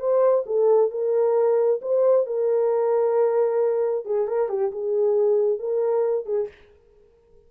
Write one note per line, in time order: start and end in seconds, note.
0.00 0.45 C5
0.46 0.91 A4
0.91 1.81 A#4
1.82 2.27 C5
2.27 4.05 A#4
4.05 4.28 G#4
4.28 4.49 A#4
4.49 4.71 G4
4.72 5.59 G#4
5.59 6.26 A#4
6.26 6.48 G#4